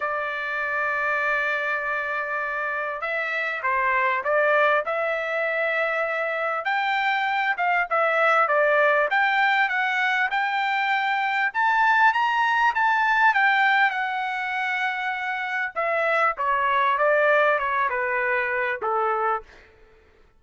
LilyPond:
\new Staff \with { instrumentName = "trumpet" } { \time 4/4 \tempo 4 = 99 d''1~ | d''4 e''4 c''4 d''4 | e''2. g''4~ | g''8 f''8 e''4 d''4 g''4 |
fis''4 g''2 a''4 | ais''4 a''4 g''4 fis''4~ | fis''2 e''4 cis''4 | d''4 cis''8 b'4. a'4 | }